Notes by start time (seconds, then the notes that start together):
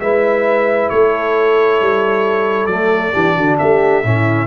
0.00 G#3 E4 B4 E5
0.89 A3 A4 C#5
1.81 G3
2.66 F#3 A3 D5
3.12 E3 D4 G4
3.35 D3 F#4
3.58 A3 G4 E5
4.03 A2 C#4 E4